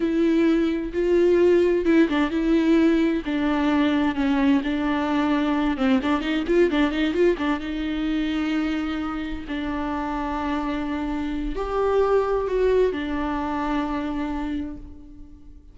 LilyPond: \new Staff \with { instrumentName = "viola" } { \time 4/4 \tempo 4 = 130 e'2 f'2 | e'8 d'8 e'2 d'4~ | d'4 cis'4 d'2~ | d'8 c'8 d'8 dis'8 f'8 d'8 dis'8 f'8 |
d'8 dis'2.~ dis'8~ | dis'8 d'2.~ d'8~ | d'4 g'2 fis'4 | d'1 | }